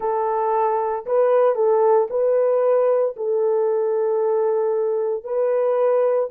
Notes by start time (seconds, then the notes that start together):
0.00 A4
1.06 B4
1.55 A4
2.10 B4
3.16 A4
5.23 B4